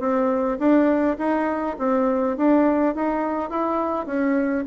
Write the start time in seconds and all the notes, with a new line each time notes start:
0.00 C4
0.59 D4
1.18 D#4
1.79 C4
2.37 D4
2.95 D#4
3.50 E4
4.06 C#4